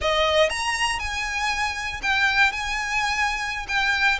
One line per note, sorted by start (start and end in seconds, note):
0.01 0.49 D#5
0.49 0.99 A#5
0.99 2.01 G#5
2.02 2.51 G5
2.51 3.66 G#5
3.68 4.19 G5